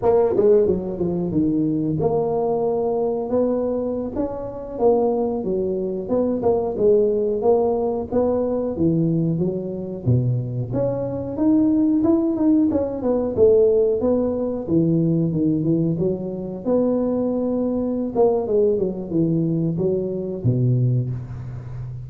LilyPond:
\new Staff \with { instrumentName = "tuba" } { \time 4/4 \tempo 4 = 91 ais8 gis8 fis8 f8 dis4 ais4~ | ais4 b4~ b16 cis'4 ais8.~ | ais16 fis4 b8 ais8 gis4 ais8.~ | ais16 b4 e4 fis4 b,8.~ |
b,16 cis'4 dis'4 e'8 dis'8 cis'8 b16~ | b16 a4 b4 e4 dis8 e16~ | e16 fis4 b2~ b16 ais8 | gis8 fis8 e4 fis4 b,4 | }